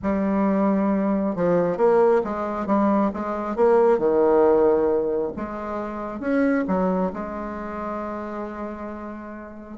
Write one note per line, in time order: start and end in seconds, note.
0.02 1.35 G3
1.35 1.77 F3
1.77 2.21 A#3
2.24 2.66 G#3
2.66 3.10 G3
3.13 3.56 G#3
3.56 3.98 A#3
3.98 5.31 D#3
5.36 6.20 G#3
6.20 6.64 C#4
6.67 7.12 F#3
7.13 9.78 G#3